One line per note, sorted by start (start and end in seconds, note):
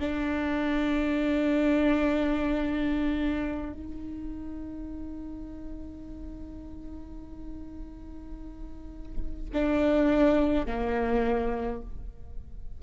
0.00 3.73 D4
3.73 9.50 D#4
9.54 10.67 D4
10.67 11.82 A#3